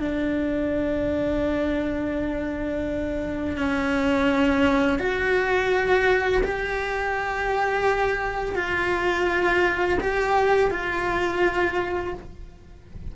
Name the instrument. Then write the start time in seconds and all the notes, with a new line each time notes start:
cello
0.00 D4
3.57 C#4
4.99 F#4
6.44 G4
8.56 F4
10.01 G4
10.71 F4